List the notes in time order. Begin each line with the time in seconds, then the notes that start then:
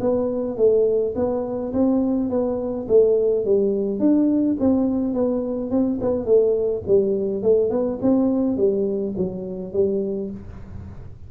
0.00 B3
0.57 A3
1.15 B3
1.73 C4
2.30 B3
2.88 A3
3.45 G3
3.99 D4
4.60 C4
5.14 B3
5.70 C4
6.01 B3
6.25 A3
6.87 G3
7.43 A3
7.70 B3
8.02 C4
8.57 G3
9.17 F#3
9.73 G3